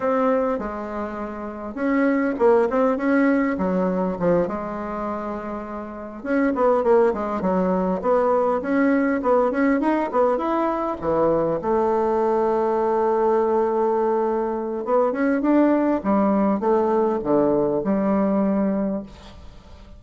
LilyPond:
\new Staff \with { instrumentName = "bassoon" } { \time 4/4 \tempo 4 = 101 c'4 gis2 cis'4 | ais8 c'8 cis'4 fis4 f8 gis8~ | gis2~ gis8 cis'8 b8 ais8 | gis8 fis4 b4 cis'4 b8 |
cis'8 dis'8 b8 e'4 e4 a8~ | a1~ | a4 b8 cis'8 d'4 g4 | a4 d4 g2 | }